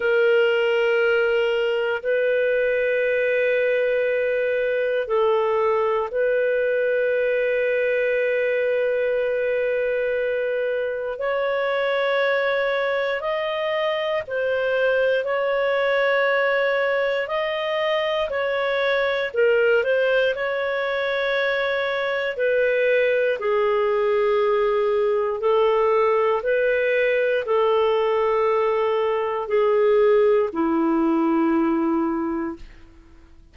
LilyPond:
\new Staff \with { instrumentName = "clarinet" } { \time 4/4 \tempo 4 = 59 ais'2 b'2~ | b'4 a'4 b'2~ | b'2. cis''4~ | cis''4 dis''4 c''4 cis''4~ |
cis''4 dis''4 cis''4 ais'8 c''8 | cis''2 b'4 gis'4~ | gis'4 a'4 b'4 a'4~ | a'4 gis'4 e'2 | }